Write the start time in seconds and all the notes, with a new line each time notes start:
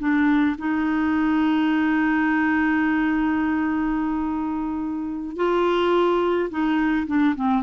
0.00 D4
0.59 D#4
5.37 F4
6.51 D#4
7.07 D4
7.36 C4